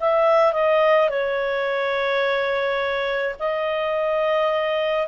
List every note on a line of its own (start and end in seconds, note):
0.00 0.52 E5
0.52 1.09 D#5
1.09 3.36 C#5
3.39 5.07 D#5